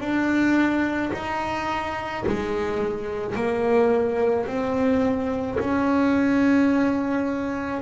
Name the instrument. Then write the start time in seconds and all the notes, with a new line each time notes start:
double bass
0.00 D4
1.13 D#4
2.26 G#3
3.35 A#3
4.46 C4
5.59 C#4